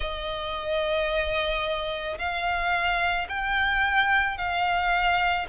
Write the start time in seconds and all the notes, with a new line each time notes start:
0.00 D#5
2.18 F5
3.28 G5
4.37 F5